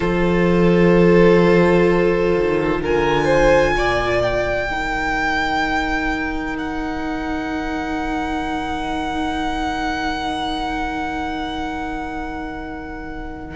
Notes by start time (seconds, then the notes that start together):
0.00 F3 F4 A4 C5
2.36 D#3
2.81 D3 A#4 G#5
3.24 C5
3.76 A#2 D5
4.22 G5
4.69 D#3 D#4 A#4
6.57 F#5